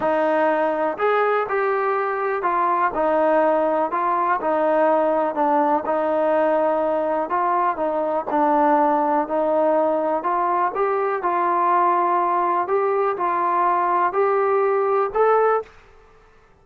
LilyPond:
\new Staff \with { instrumentName = "trombone" } { \time 4/4 \tempo 4 = 123 dis'2 gis'4 g'4~ | g'4 f'4 dis'2 | f'4 dis'2 d'4 | dis'2. f'4 |
dis'4 d'2 dis'4~ | dis'4 f'4 g'4 f'4~ | f'2 g'4 f'4~ | f'4 g'2 a'4 | }